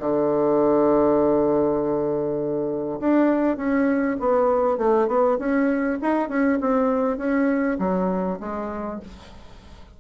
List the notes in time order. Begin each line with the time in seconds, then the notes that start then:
0.00 D3
3.00 D4
3.57 C#4
4.20 B3
4.78 A3
5.08 B3
5.39 C#4
6.02 D#4
6.29 C#4
6.61 C4
7.18 C#4
7.79 F#3
8.40 G#3